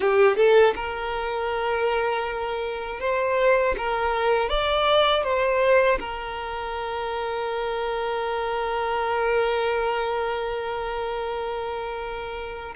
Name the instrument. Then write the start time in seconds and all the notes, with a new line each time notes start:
violin
0.00 G4
0.36 A4
0.75 A#4
3.00 C5
3.77 A#4
4.49 D5
5.23 C5
5.99 A#4